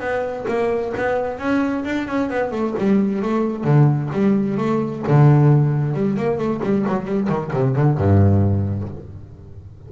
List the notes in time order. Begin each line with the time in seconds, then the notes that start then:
0.00 B3
0.48 A#3
0.97 B3
1.39 C#4
1.85 D4
2.07 C#4
2.30 B3
2.51 A3
2.78 G3
3.22 A3
3.64 D3
4.13 G3
4.57 A3
5.08 D3
5.94 G3
6.17 A#3
6.38 A3
6.63 G3
6.88 F#3
7.05 G3
7.29 D#3
7.54 C3
7.76 D3
7.98 G2